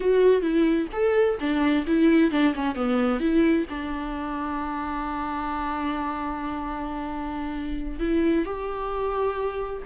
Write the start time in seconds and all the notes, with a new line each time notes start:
0.00 F#4
0.41 E4
0.92 A4
1.39 D4
1.86 E4
2.31 D4
2.54 C#4
2.75 B3
3.20 E4
3.69 D4
7.99 E4
8.45 G4